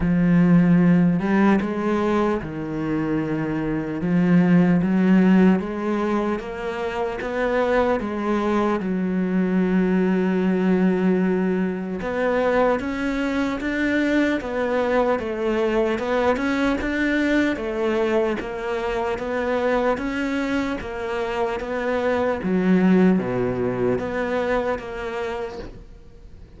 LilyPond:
\new Staff \with { instrumentName = "cello" } { \time 4/4 \tempo 4 = 75 f4. g8 gis4 dis4~ | dis4 f4 fis4 gis4 | ais4 b4 gis4 fis4~ | fis2. b4 |
cis'4 d'4 b4 a4 | b8 cis'8 d'4 a4 ais4 | b4 cis'4 ais4 b4 | fis4 b,4 b4 ais4 | }